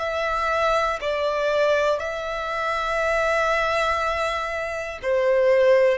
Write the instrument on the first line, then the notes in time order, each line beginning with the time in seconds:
violin
0.00 E5
1.01 D5
2.00 E5
5.03 C5